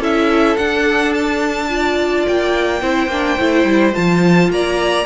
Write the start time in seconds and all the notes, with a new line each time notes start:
0.00 C#4 E4 A4 E5
0.57 D4 F#5
1.13 A5
1.69 F4 D5
2.27 A#3 G5
2.82 C4 E4 C5
3.07 A#3 D4
3.39 A3 E4
3.65 G3
3.92 F3 F4 A5
4.50 A#3 D5 A#5